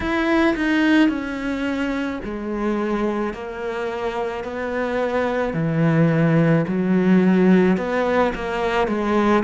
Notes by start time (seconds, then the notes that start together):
0.00 E4
0.55 D#4
1.08 C#4
2.24 G#3
3.33 A#3
4.44 B3
5.53 E3
6.67 F#3
7.77 B3
8.34 A#3
8.87 G#3